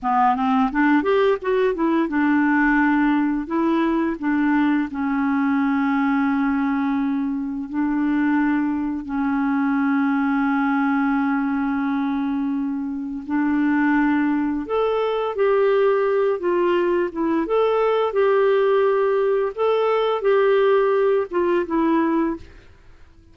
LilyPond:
\new Staff \with { instrumentName = "clarinet" } { \time 4/4 \tempo 4 = 86 b8 c'8 d'8 g'8 fis'8 e'8 d'4~ | d'4 e'4 d'4 cis'4~ | cis'2. d'4~ | d'4 cis'2.~ |
cis'2. d'4~ | d'4 a'4 g'4. f'8~ | f'8 e'8 a'4 g'2 | a'4 g'4. f'8 e'4 | }